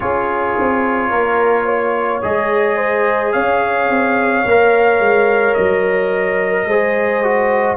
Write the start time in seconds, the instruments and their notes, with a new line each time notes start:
0.00 tuba C#4, trombone F4, horn G#4, trumpet C#5
0.58 tuba C4
1.09 tuba A#3, horn A#4
1.65 horn C#5
2.22 tuba G#3, trombone G#4, trumpet D#5
2.76 horn C5
3.32 tuba C#4, horn C#5, trumpet F5
3.89 tuba C4
4.45 tuba A#3, trombone A#4
4.99 tuba G#3
5.53 tuba F#3, trumpet D#5
6.65 tuba G#3, trombone G#4, horn C5
7.23 trombone F#4